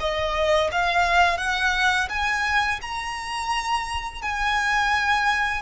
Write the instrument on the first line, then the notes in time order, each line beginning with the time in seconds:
violin
0.00 D#5
0.72 F5
1.38 F#5
2.10 G#5
2.82 A#5
4.22 G#5